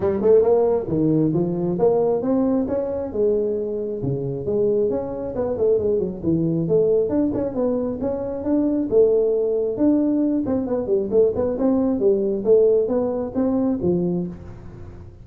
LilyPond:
\new Staff \with { instrumentName = "tuba" } { \time 4/4 \tempo 4 = 135 g8 a8 ais4 dis4 f4 | ais4 c'4 cis'4 gis4~ | gis4 cis4 gis4 cis'4 | b8 a8 gis8 fis8 e4 a4 |
d'8 cis'8 b4 cis'4 d'4 | a2 d'4. c'8 | b8 g8 a8 b8 c'4 g4 | a4 b4 c'4 f4 | }